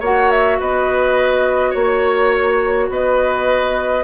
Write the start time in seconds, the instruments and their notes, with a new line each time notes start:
0.00 bassoon A#3, clarinet F#4, oboe C#5, flute F#5
0.31 flute E5
0.60 bassoon B3, oboe B4, flute D#5
1.70 bassoon A#3, oboe C#5, flute C#5
2.89 bassoon B3, oboe B4, flute D#5